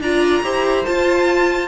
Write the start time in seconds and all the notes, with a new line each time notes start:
0.00 D4 F4 D5 A#5
0.43 E4 G4 C5
0.85 F4 A5